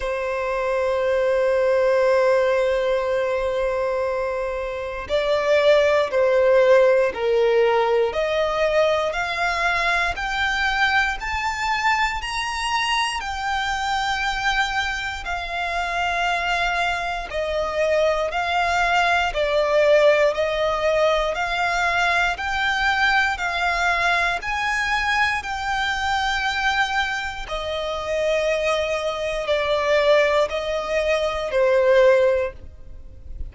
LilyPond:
\new Staff \with { instrumentName = "violin" } { \time 4/4 \tempo 4 = 59 c''1~ | c''4 d''4 c''4 ais'4 | dis''4 f''4 g''4 a''4 | ais''4 g''2 f''4~ |
f''4 dis''4 f''4 d''4 | dis''4 f''4 g''4 f''4 | gis''4 g''2 dis''4~ | dis''4 d''4 dis''4 c''4 | }